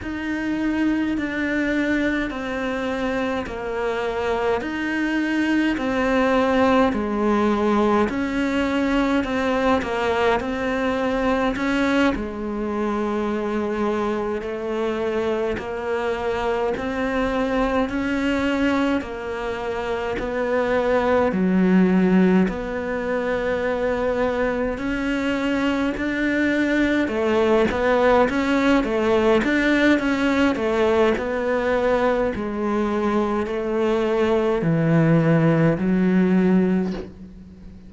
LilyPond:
\new Staff \with { instrumentName = "cello" } { \time 4/4 \tempo 4 = 52 dis'4 d'4 c'4 ais4 | dis'4 c'4 gis4 cis'4 | c'8 ais8 c'4 cis'8 gis4.~ | gis8 a4 ais4 c'4 cis'8~ |
cis'8 ais4 b4 fis4 b8~ | b4. cis'4 d'4 a8 | b8 cis'8 a8 d'8 cis'8 a8 b4 | gis4 a4 e4 fis4 | }